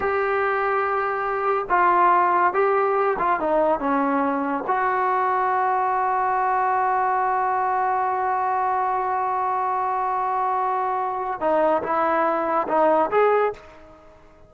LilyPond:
\new Staff \with { instrumentName = "trombone" } { \time 4/4 \tempo 4 = 142 g'1 | f'2 g'4. f'8 | dis'4 cis'2 fis'4~ | fis'1~ |
fis'1~ | fis'1~ | fis'2. dis'4 | e'2 dis'4 gis'4 | }